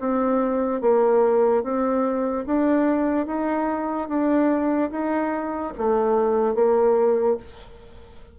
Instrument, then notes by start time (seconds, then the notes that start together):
bassoon
0.00 C4
0.81 A#3
1.63 C4
2.46 D4
3.27 D#4
4.08 D4
4.91 D#4
5.78 A3
6.55 A#3